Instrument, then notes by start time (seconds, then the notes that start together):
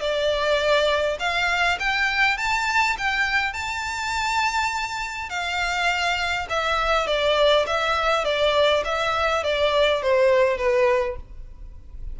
violin
0.00 D5
1.19 F5
1.79 G5
2.37 A5
2.98 G5
3.53 A5
5.29 F5
6.49 E5
7.07 D5
7.66 E5
8.24 D5
8.84 E5
9.43 D5
10.02 C5
10.57 B4